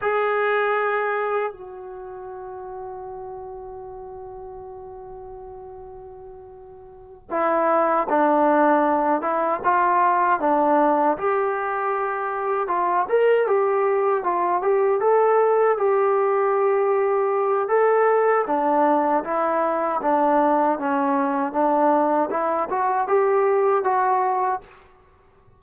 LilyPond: \new Staff \with { instrumentName = "trombone" } { \time 4/4 \tempo 4 = 78 gis'2 fis'2~ | fis'1~ | fis'4. e'4 d'4. | e'8 f'4 d'4 g'4.~ |
g'8 f'8 ais'8 g'4 f'8 g'8 a'8~ | a'8 g'2~ g'8 a'4 | d'4 e'4 d'4 cis'4 | d'4 e'8 fis'8 g'4 fis'4 | }